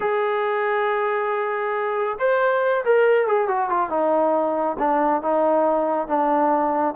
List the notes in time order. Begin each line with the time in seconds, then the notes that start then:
0.00 G#4
2.18 C5
2.84 A#4
3.27 G#4
3.48 F#4
3.69 F4
3.89 D#4
4.78 D4
5.22 D#4
6.07 D4